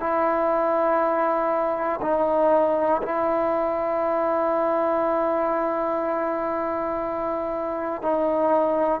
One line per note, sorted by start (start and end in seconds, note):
0.00 2.00 E4
2.01 3.01 D#4
3.02 8.02 E4
8.02 9.00 D#4